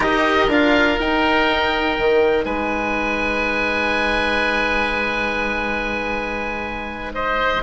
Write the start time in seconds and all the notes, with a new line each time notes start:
0.00 D#4 G4 A#4 D#5
0.48 D4 F4 F5
0.97 D#4 G5
1.98 D#3
2.44 G#3 B4 G#5
7.14 C5 D#5